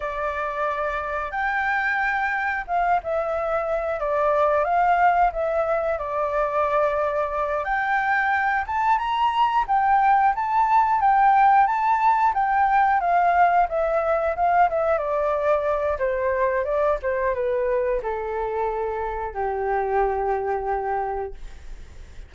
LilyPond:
\new Staff \with { instrumentName = "flute" } { \time 4/4 \tempo 4 = 90 d''2 g''2 | f''8 e''4. d''4 f''4 | e''4 d''2~ d''8 g''8~ | g''4 a''8 ais''4 g''4 a''8~ |
a''8 g''4 a''4 g''4 f''8~ | f''8 e''4 f''8 e''8 d''4. | c''4 d''8 c''8 b'4 a'4~ | a'4 g'2. | }